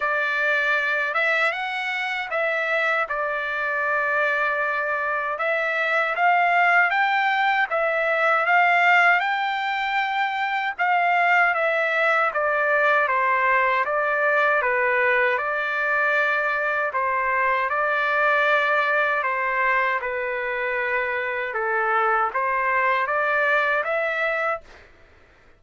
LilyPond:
\new Staff \with { instrumentName = "trumpet" } { \time 4/4 \tempo 4 = 78 d''4. e''8 fis''4 e''4 | d''2. e''4 | f''4 g''4 e''4 f''4 | g''2 f''4 e''4 |
d''4 c''4 d''4 b'4 | d''2 c''4 d''4~ | d''4 c''4 b'2 | a'4 c''4 d''4 e''4 | }